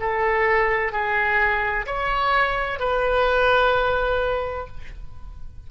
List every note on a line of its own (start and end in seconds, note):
0.00 0.93 A4
0.93 1.87 G#4
1.87 2.80 C#5
2.80 4.67 B4